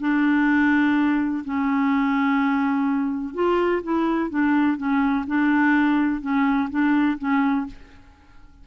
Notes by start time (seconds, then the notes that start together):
0.00 D4
1.45 C#4
3.34 F4
3.83 E4
4.30 D4
4.77 C#4
5.27 D4
6.21 C#4
6.70 D4
7.18 C#4